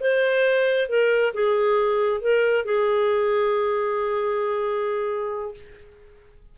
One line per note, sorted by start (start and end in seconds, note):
0.00 0.89 C5
0.89 1.33 A#4
1.33 2.21 G#4
2.21 2.65 A#4
2.65 5.54 G#4